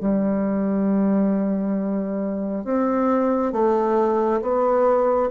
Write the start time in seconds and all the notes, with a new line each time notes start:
0.00 G3
2.64 C4
3.52 A3
4.42 B3